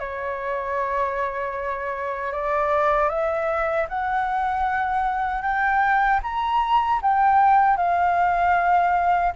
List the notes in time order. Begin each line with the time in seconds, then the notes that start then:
0.00 C#5
2.33 D5
3.10 E5
3.89 F#5
5.42 G5
6.23 A#5
7.02 G5
7.77 F5